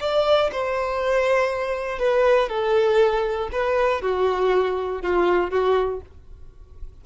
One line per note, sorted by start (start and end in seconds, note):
0.00 0.50 D5
0.52 1.99 C5
1.99 2.49 B4
2.49 3.50 A4
3.52 4.02 B4
4.02 5.02 F#4
5.02 5.50 F4
5.50 6.01 F#4